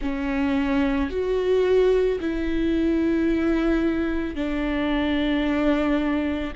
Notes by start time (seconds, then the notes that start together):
0.01 C#4
1.10 F#4
2.20 E4
4.35 D4